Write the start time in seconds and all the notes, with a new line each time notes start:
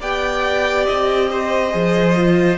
0.00 B3 G4 D5 G5
0.86 C4 D#5
1.31 C5
1.71 F3 G#4
2.17 F4